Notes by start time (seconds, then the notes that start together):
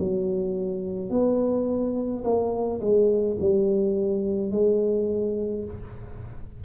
0.00 F#3
1.11 B3
2.24 A#3
2.81 G#3
3.40 G3
4.52 G#3